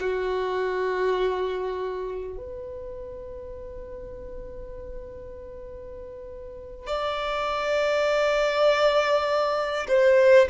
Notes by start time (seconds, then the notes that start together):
0.00 F#4
2.37 B4
6.87 D5
9.88 C5